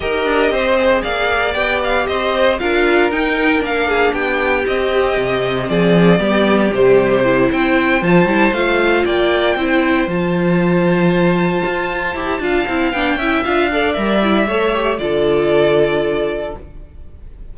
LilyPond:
<<
  \new Staff \with { instrumentName = "violin" } { \time 4/4 \tempo 4 = 116 dis''2 f''4 g''8 f''8 | dis''4 f''4 g''4 f''4 | g''4 dis''2 d''4~ | d''4 c''4. g''4 a''8~ |
a''8 f''4 g''2 a''8~ | a''1~ | a''4 g''4 f''4 e''4~ | e''4 d''2. | }
  \new Staff \with { instrumentName = "violin" } { \time 4/4 ais'4 c''4 d''2 | c''4 ais'2~ ais'8 gis'8 | g'2. gis'4 | g'2~ g'8 c''4.~ |
c''4. d''4 c''4.~ | c''1 | f''4. e''4 d''4. | cis''4 a'2. | }
  \new Staff \with { instrumentName = "viola" } { \time 4/4 g'4. gis'4. g'4~ | g'4 f'4 dis'4 d'4~ | d'4 c'2. | b4 g4 e'4. f'8 |
e'8 f'2 e'4 f'8~ | f'2.~ f'8 g'8 | f'8 e'8 d'8 e'8 f'8 a'8 ais'8 e'8 | a'8 g'8 f'2. | }
  \new Staff \with { instrumentName = "cello" } { \time 4/4 dis'8 d'8 c'4 ais4 b4 | c'4 d'4 dis'4 ais4 | b4 c'4 c4 f4 | g4 c4. c'4 f8 |
g8 a4 ais4 c'4 f8~ | f2~ f8 f'4 e'8 | d'8 c'8 b8 cis'8 d'4 g4 | a4 d2. | }
>>